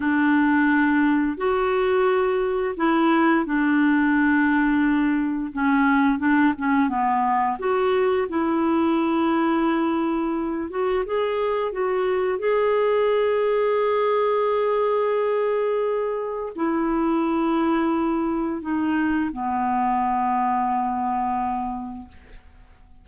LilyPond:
\new Staff \with { instrumentName = "clarinet" } { \time 4/4 \tempo 4 = 87 d'2 fis'2 | e'4 d'2. | cis'4 d'8 cis'8 b4 fis'4 | e'2.~ e'8 fis'8 |
gis'4 fis'4 gis'2~ | gis'1 | e'2. dis'4 | b1 | }